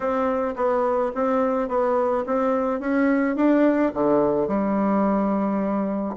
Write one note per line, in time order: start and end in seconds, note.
0.00 0.55 C4
0.56 1.12 B3
1.14 1.68 C4
1.68 2.24 B3
2.26 2.79 C4
2.79 3.35 C#4
3.36 3.92 D4
3.93 4.47 D3
4.47 6.15 G3